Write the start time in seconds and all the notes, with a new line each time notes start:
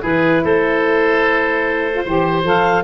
0.00 E3 E4 G#4 B4
0.44 A3 A4 C5
1.94 F4
2.05 E3 G4 C5
2.43 F3 A4 F5